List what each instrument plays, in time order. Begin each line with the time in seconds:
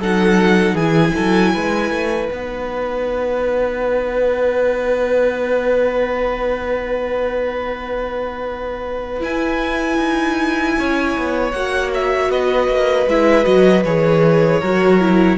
0.00 cello F#3, viola D#4, violin A4 F#5
0.74 cello E3, viola E4, violin G#4 G#5
1.15 cello F#3, violin A4
1.54 cello G#3, violin B4
1.91 cello A3
2.30 cello B3, viola D#4, violin F#5
9.21 viola E4, cello E4, violin G#5
9.98 cello D#4
10.79 cello C#4, violin C#5
11.17 cello B3
11.52 cello A#3, viola F#4, violin F#5
11.94 violin E5
12.30 cello B3, violin B4 D#5
12.68 cello A#3
13.07 cello G#3, viola E4, violin E5
13.44 cello F#3, viola F#4, violin D#5
13.85 cello E3, viola G#4, violin C#5
14.61 cello F#3, viola F#4, violin A#4
15.00 viola E4